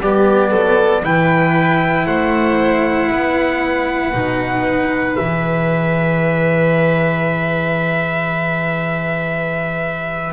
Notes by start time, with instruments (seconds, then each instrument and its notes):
0.00 double bass G3, cello B3, violin G4, trumpet D5
0.50 double bass F#3, violin A4
1.02 double bass E3, cello E4, violin B4, trumpet G5
2.06 double bass A3, violin C5, trumpet F#5
3.11 double bass B3, violin B4
4.13 double bass B2, cello D#4
5.16 double bass E3, cello G#4, trumpet E5